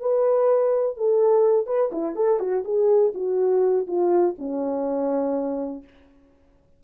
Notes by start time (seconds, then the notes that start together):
0.00 B4
0.97 A4
1.66 B4
1.92 E4
2.16 A4
2.39 F#4
2.64 G#4
3.14 F#4
3.87 F4
4.38 C#4